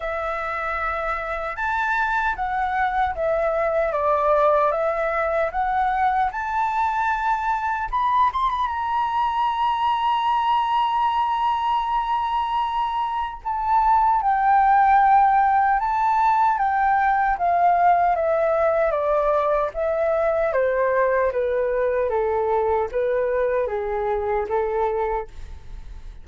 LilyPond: \new Staff \with { instrumentName = "flute" } { \time 4/4 \tempo 4 = 76 e''2 a''4 fis''4 | e''4 d''4 e''4 fis''4 | a''2 b''8 c'''16 b''16 ais''4~ | ais''1~ |
ais''4 a''4 g''2 | a''4 g''4 f''4 e''4 | d''4 e''4 c''4 b'4 | a'4 b'4 gis'4 a'4 | }